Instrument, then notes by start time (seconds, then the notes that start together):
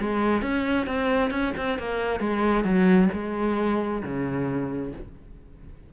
cello
0.00 G#3
0.42 C#4
0.87 C4
1.31 C#4
1.57 C4
1.79 A#3
2.20 G#3
2.65 F#3
3.13 G#3
4.03 C#3